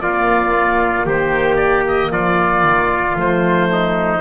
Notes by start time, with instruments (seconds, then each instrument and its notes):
0.00 horn A#3, double bass A#3, trumpet F4, oboe D5
1.06 double bass D#3, trumpet G4, oboe C5
1.56 oboe D5
1.88 oboe D#5
2.11 double bass F3, trumpet F4, oboe D5
2.64 double bass D#3
3.14 double bass F3, horn A3
3.20 oboe C5
3.72 trumpet D#4